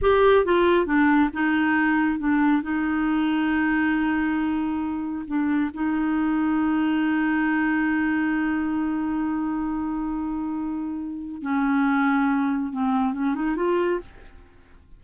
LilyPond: \new Staff \with { instrumentName = "clarinet" } { \time 4/4 \tempo 4 = 137 g'4 f'4 d'4 dis'4~ | dis'4 d'4 dis'2~ | dis'1 | d'4 dis'2.~ |
dis'1~ | dis'1~ | dis'2 cis'2~ | cis'4 c'4 cis'8 dis'8 f'4 | }